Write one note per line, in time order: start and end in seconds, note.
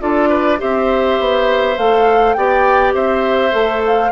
0.00 0.61 D4
0.00 0.58 F4
0.00 0.29 A4
0.00 0.60 D5
0.29 0.58 B4
0.58 1.20 C4
0.58 1.76 G4
0.58 2.37 C5
0.58 1.78 E5
1.20 1.77 B3
1.77 2.36 A3
1.77 2.38 A4
1.77 2.33 F5
2.33 2.94 B3
2.33 3.51 G4
2.33 2.94 D5
2.33 2.92 G5
2.94 3.53 C4
2.94 4.12 C5
2.94 3.83 E5
3.51 4.12 A3
3.51 4.10 A4
3.86 4.12 F5